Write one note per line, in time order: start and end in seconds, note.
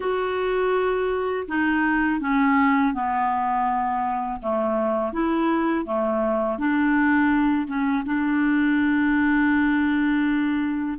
0.00 1.46 F#4
1.48 2.20 D#4
2.20 2.93 C#4
2.93 4.39 B3
4.42 5.13 A3
5.13 5.85 E4
5.85 6.58 A3
6.58 7.67 D4
7.67 8.03 C#4
8.05 10.98 D4